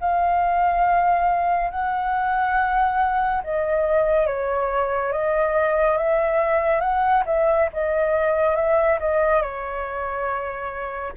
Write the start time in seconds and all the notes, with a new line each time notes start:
0.00 F5
1.71 F#5
3.44 D#5
4.27 C#5
5.12 D#5
5.97 E5
6.81 F#5
7.26 E5
7.73 D#5
8.56 E5
9.00 D#5
9.42 C#5